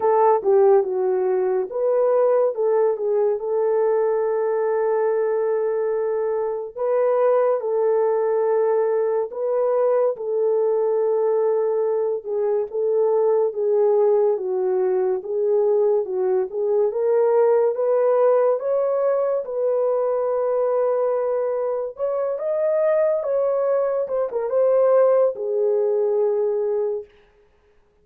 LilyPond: \new Staff \with { instrumentName = "horn" } { \time 4/4 \tempo 4 = 71 a'8 g'8 fis'4 b'4 a'8 gis'8 | a'1 | b'4 a'2 b'4 | a'2~ a'8 gis'8 a'4 |
gis'4 fis'4 gis'4 fis'8 gis'8 | ais'4 b'4 cis''4 b'4~ | b'2 cis''8 dis''4 cis''8~ | cis''8 c''16 ais'16 c''4 gis'2 | }